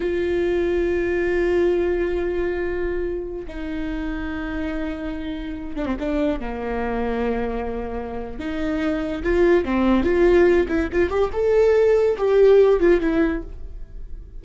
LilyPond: \new Staff \with { instrumentName = "viola" } { \time 4/4 \tempo 4 = 143 f'1~ | f'1~ | f'16 dis'2.~ dis'8.~ | dis'4.~ dis'16 d'16 c'16 d'4 ais8.~ |
ais1 | dis'2 f'4 c'4 | f'4. e'8 f'8 g'8 a'4~ | a'4 g'4. f'8 e'4 | }